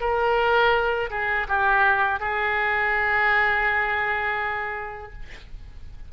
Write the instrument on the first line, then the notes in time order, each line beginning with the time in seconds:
oboe
0.00 A#4
1.10 G#4
1.48 G4
2.20 G#4